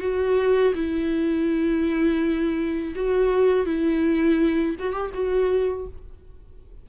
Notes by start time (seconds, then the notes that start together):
0.00 F#4
0.75 E4
2.95 F#4
3.66 E4
4.79 F#4
4.92 G4
5.14 F#4